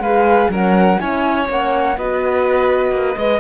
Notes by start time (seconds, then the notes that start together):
0.00 G#3 G#4 B4 F5
0.49 F#3 C#4 A#4 F#5
0.99 C#4 E4 C#5 G#5
1.49 A#3 C#4 F#5
1.98 B3 F#4 B4 D#5
2.92 A#3
3.17 G#3 B4 D#5